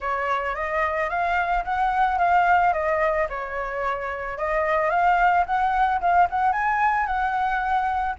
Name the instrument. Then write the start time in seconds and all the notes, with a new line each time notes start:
flute
0.00 C#5
0.55 D#5
1.09 F5
1.64 F#5
2.18 F5
2.73 D#5
3.29 C#5
4.38 D#5
4.90 F5
5.45 F#5
6.00 F5
6.30 F#5
6.52 G#5
7.06 F#5